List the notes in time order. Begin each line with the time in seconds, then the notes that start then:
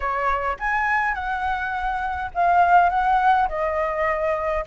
0.00 C#5
0.59 G#5
1.14 F#5
2.34 F5
2.89 F#5
3.48 D#5